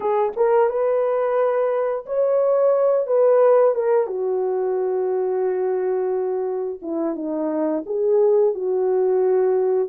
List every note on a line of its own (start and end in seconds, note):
0.00 0.32 G#4
0.36 0.69 A#4
0.69 2.05 B4
2.06 3.06 C#5
3.06 3.74 B4
3.74 4.06 A#4
4.06 6.79 F#4
6.82 7.15 E4
7.15 7.83 D#4
7.86 8.54 G#4
8.54 9.88 F#4